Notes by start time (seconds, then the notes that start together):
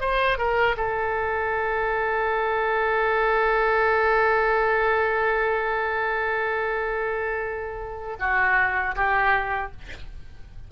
0.00 C5
0.38 A#4
0.76 A4
8.19 F#4
8.95 G4